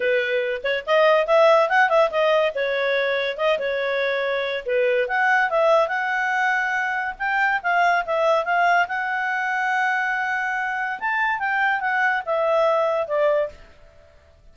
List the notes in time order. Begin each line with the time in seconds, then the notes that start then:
0.00 B4
0.63 C#5
0.86 D#5
1.27 E5
1.69 F#5
1.89 E5
2.10 D#5
2.54 C#5
3.37 D#5
3.58 C#5
4.65 B4
5.08 F#5
5.50 E5
5.88 F#5
7.19 G5
7.62 F5
8.05 E5
8.44 F5
8.88 F#5
10.99 A5
11.39 G5
11.80 F#5
12.25 E5
13.07 D5